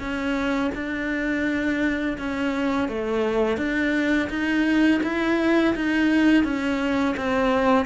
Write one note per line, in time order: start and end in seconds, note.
0.00 0.71 C#4
0.75 2.18 D4
2.19 2.89 C#4
2.89 3.58 A3
3.58 4.29 D4
4.30 5.02 D#4
5.04 5.75 E4
5.76 6.44 D#4
6.44 7.16 C#4
7.17 7.86 C4